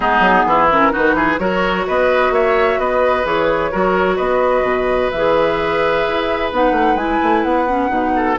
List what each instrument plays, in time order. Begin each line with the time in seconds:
0.00 bassoon G#3, clarinet B3, oboe D#4, flute G#4
0.19 bassoon F#3
0.45 bassoon E3, oboe E4
0.71 clarinet C#4, flute A#4
0.91 clarinet D#4, oboe F#4, flute B4
0.97 bassoon D#3
1.14 bassoon E3, oboe G#4
1.38 bassoon F#3, clarinet F#4, oboe A#4, flute C#5
1.87 bassoon B3, oboe B4, flute D#5
2.30 bassoon A#3, oboe C#5, flute E5
2.77 bassoon B3, oboe B4, flute D#5
3.24 bassoon E3, clarinet G#4, flute C#5
3.71 bassoon F#3, clarinet F#4, oboe A#4
4.15 bassoon B3, oboe B4, flute D#5
4.62 bassoon B2
5.10 bassoon E3, clarinet G#4, flute E5
6.07 bassoon E4
6.52 bassoon B3, clarinet D#4, flute F#5
6.71 bassoon A3
6.95 bassoon G#3, clarinet E4, flute G#5
7.22 bassoon A3
7.43 bassoon B3, flute F#5
7.67 clarinet C#4
7.88 bassoon B2, clarinet D#4
8.15 oboe A4